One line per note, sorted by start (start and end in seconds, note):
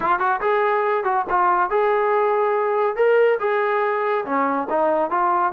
0.00 0.19 F4
0.19 0.40 F#4
0.40 1.03 G#4
1.03 1.25 F#4
1.29 1.69 F4
1.69 2.96 G#4
2.96 3.38 A#4
3.39 4.24 G#4
4.25 4.67 C#4
4.69 5.10 D#4
5.10 5.52 F4